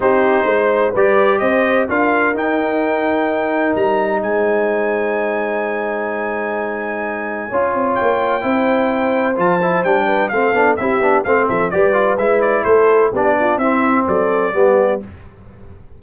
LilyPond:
<<
  \new Staff \with { instrumentName = "trumpet" } { \time 4/4 \tempo 4 = 128 c''2 d''4 dis''4 | f''4 g''2. | ais''4 gis''2.~ | gis''1~ |
gis''4 g''2. | a''4 g''4 f''4 e''4 | f''8 e''8 d''4 e''8 d''8 c''4 | d''4 e''4 d''2 | }
  \new Staff \with { instrumentName = "horn" } { \time 4/4 g'4 c''4 b'4 c''4 | ais'1~ | ais'4 c''2.~ | c''1 |
cis''2 c''2~ | c''4. b'8 a'4 g'4 | c''8 a'8 b'2 a'4 | g'8 f'8 e'4 a'4 g'4 | }
  \new Staff \with { instrumentName = "trombone" } { \time 4/4 dis'2 g'2 | f'4 dis'2.~ | dis'1~ | dis'1 |
f'2 e'2 | f'8 e'8 d'4 c'8 d'8 e'8 d'8 | c'4 g'8 f'8 e'2 | d'4 c'2 b4 | }
  \new Staff \with { instrumentName = "tuba" } { \time 4/4 c'4 gis4 g4 c'4 | d'4 dis'2. | g4 gis2.~ | gis1 |
cis'8 c'8 ais4 c'2 | f4 g4 a8 b8 c'8 b8 | a8 f8 g4 gis4 a4 | b4 c'4 fis4 g4 | }
>>